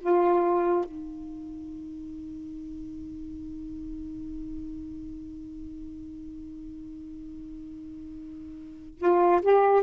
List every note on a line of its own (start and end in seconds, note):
0.00 0.85 F4
0.85 8.98 D#4
8.98 9.41 F4
9.42 9.83 G4